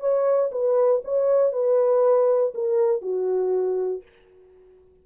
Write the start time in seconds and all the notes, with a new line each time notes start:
0.00 C#5
0.51 B4
1.04 C#5
1.52 B4
2.55 A#4
3.01 F#4